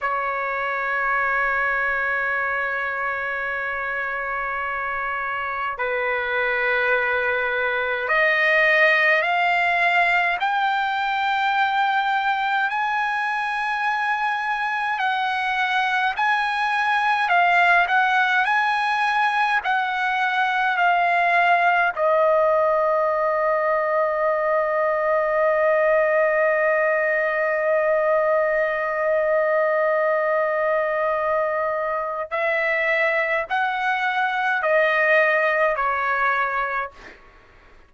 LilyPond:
\new Staff \with { instrumentName = "trumpet" } { \time 4/4 \tempo 4 = 52 cis''1~ | cis''4 b'2 dis''4 | f''4 g''2 gis''4~ | gis''4 fis''4 gis''4 f''8 fis''8 |
gis''4 fis''4 f''4 dis''4~ | dis''1~ | dis''1 | e''4 fis''4 dis''4 cis''4 | }